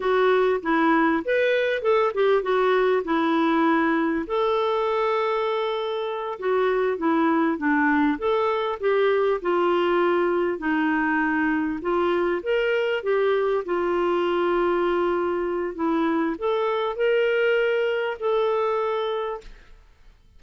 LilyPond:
\new Staff \with { instrumentName = "clarinet" } { \time 4/4 \tempo 4 = 99 fis'4 e'4 b'4 a'8 g'8 | fis'4 e'2 a'4~ | a'2~ a'8 fis'4 e'8~ | e'8 d'4 a'4 g'4 f'8~ |
f'4. dis'2 f'8~ | f'8 ais'4 g'4 f'4.~ | f'2 e'4 a'4 | ais'2 a'2 | }